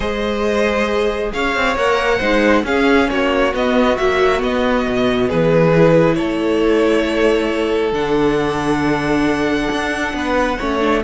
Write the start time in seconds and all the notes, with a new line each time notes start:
0.00 G#3 G#4 C5 D#5
1.32 C#4 C#5 F5
1.56 C4
1.75 A#3 A#4 F#5
2.18 G#3 D#4 C5
2.63 C#4 G#4 F5
3.09 A#3 F#4 C#5
3.53 B3 D#5
3.97 F#3 A#3 E5
4.39 B3 D#5
4.87 B2
5.27 E3 G#4 B4
5.76 E4
6.15 A3 A4 C#5
7.92 D3 D4 F#5
9.71 D4
10.13 B3 B4
10.58 A3 C#4 C#5
10.80 D4